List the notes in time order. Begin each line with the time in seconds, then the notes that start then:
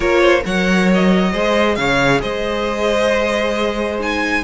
0.00 A#3 F4 A#4 C#5
0.21 C5
0.41 F#3 A#4 C#5 F#5
0.94 D#5
1.32 G#3 G#4 C5
1.75 C#3 C#5 F5
2.21 G#3 C5 D#5
3.99 D#4 G#5